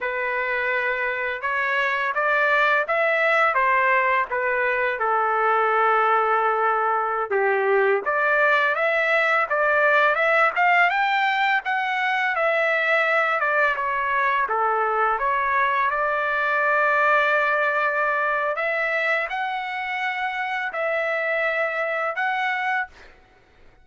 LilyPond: \new Staff \with { instrumentName = "trumpet" } { \time 4/4 \tempo 4 = 84 b'2 cis''4 d''4 | e''4 c''4 b'4 a'4~ | a'2~ a'16 g'4 d''8.~ | d''16 e''4 d''4 e''8 f''8 g''8.~ |
g''16 fis''4 e''4. d''8 cis''8.~ | cis''16 a'4 cis''4 d''4.~ d''16~ | d''2 e''4 fis''4~ | fis''4 e''2 fis''4 | }